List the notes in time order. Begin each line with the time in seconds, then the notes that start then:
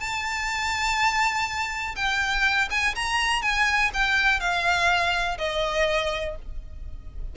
0.00 A5
1.96 G5
2.70 G#5
2.95 A#5
3.42 G#5
3.94 G5
4.40 F5
5.38 D#5